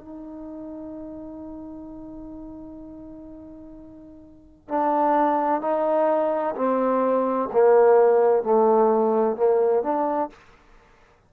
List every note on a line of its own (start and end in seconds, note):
0.00 4.69 D#4
4.69 5.62 D4
5.62 6.55 D#4
6.56 7.50 C4
7.53 8.43 A#3
8.43 9.37 A3
9.37 9.83 A#3
9.83 10.30 D4